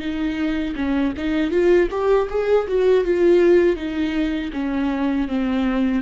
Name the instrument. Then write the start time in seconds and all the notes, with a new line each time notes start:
viola
0.00 D#4
0.76 C#4
1.18 D#4
1.51 F4
1.91 G4
2.30 G#4
2.68 F#4
3.05 F4
3.76 D#4
4.53 C#4
5.28 C4